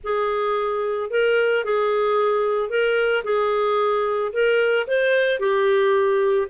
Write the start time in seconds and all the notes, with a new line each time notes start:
0.03 G#4
1.10 A#4
1.64 G#4
2.69 A#4
3.24 G#4
4.32 A#4
4.87 C5
5.39 G4